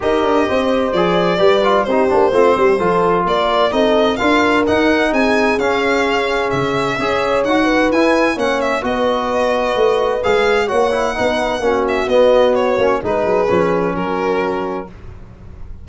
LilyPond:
<<
  \new Staff \with { instrumentName = "violin" } { \time 4/4 \tempo 4 = 129 dis''2 d''2 | c''2. d''4 | dis''4 f''4 fis''4 gis''4 | f''2 e''2 |
fis''4 gis''4 fis''8 e''8 dis''4~ | dis''2 f''4 fis''4~ | fis''4. e''8 dis''4 cis''4 | b'2 ais'2 | }
  \new Staff \with { instrumentName = "horn" } { \time 4/4 ais'4 c''2 b'4 | g'4 f'8 g'8 a'4 ais'4 | a'4 ais'2 gis'4~ | gis'2. cis''4~ |
cis''8 b'4. cis''4 b'4~ | b'2. cis''4 | b'4 fis'2. | gis'2 fis'2 | }
  \new Staff \with { instrumentName = "trombone" } { \time 4/4 g'2 gis'4 g'8 f'8 | dis'8 d'8 c'4 f'2 | dis'4 f'4 dis'2 | cis'2. gis'4 |
fis'4 e'4 cis'4 fis'4~ | fis'2 gis'4 fis'8 e'8 | dis'4 cis'4 b4. cis'8 | dis'4 cis'2. | }
  \new Staff \with { instrumentName = "tuba" } { \time 4/4 dis'8 d'8 c'4 f4 g4 | c'8 ais8 a8 g8 f4 ais4 | c'4 d'4 dis'4 c'4 | cis'2 cis4 cis'4 |
dis'4 e'4 ais4 b4~ | b4 a4 gis4 ais4 | b4 ais4 b4. ais8 | gis8 fis8 f4 fis2 | }
>>